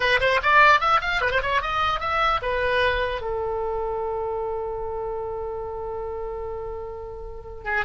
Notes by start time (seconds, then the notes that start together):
0.00 B4
0.20 C5
0.42 D5
0.80 E5
1.01 F5
1.21 B4
1.31 C5
1.42 C#5
1.61 D#5
2.00 E5
2.42 B4
3.21 A4
7.64 G#4